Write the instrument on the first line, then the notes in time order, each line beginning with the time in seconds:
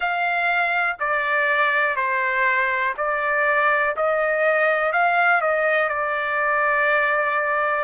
trumpet
0.00 F5
0.99 D5
1.95 C5
2.97 D5
3.96 D#5
4.92 F5
5.41 D#5
5.88 D5